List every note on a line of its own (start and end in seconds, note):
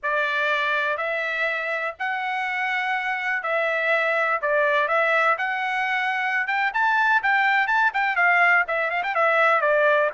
0.02 0.97 D5
0.97 1.94 E5
1.99 3.42 F#5
3.42 4.40 E5
4.41 4.88 D5
4.88 5.36 E5
5.38 6.47 F#5
6.47 6.71 G5
6.73 7.22 A5
7.22 7.67 G5
7.67 7.91 A5
7.93 8.16 G5
8.16 8.64 F5
8.67 8.90 E5
8.90 9.02 F5
9.03 9.14 G5
9.14 9.61 E5
9.61 10.10 D5